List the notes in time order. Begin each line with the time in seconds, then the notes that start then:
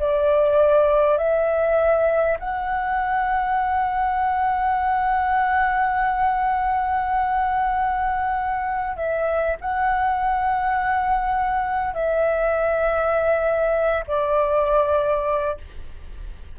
0.00 D5
1.18 E5
2.39 F#5
8.97 E5
9.61 F#5
11.95 E5
14.08 D5